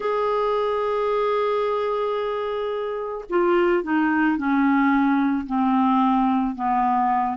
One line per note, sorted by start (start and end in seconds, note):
0.00 3.25 G#4
3.29 3.83 F4
3.83 4.37 D#4
4.37 5.46 C#4
5.46 6.55 C4
6.55 7.37 B3